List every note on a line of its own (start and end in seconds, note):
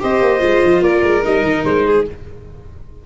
0.00 0.21 C4
0.00 0.40 G4
0.00 0.84 C5
0.00 0.83 D#5
0.21 0.42 A#3
0.40 0.62 G#3
0.40 1.21 F4
0.64 0.82 F3
0.82 1.02 A#3
0.82 1.86 A#4
0.82 1.24 D5
1.03 1.23 G#3
1.23 1.43 G3
1.23 2.05 D#4
1.23 1.66 D#5
1.43 1.64 D#3
1.65 2.06 G#3
1.65 2.06 C5
1.86 2.07 G#4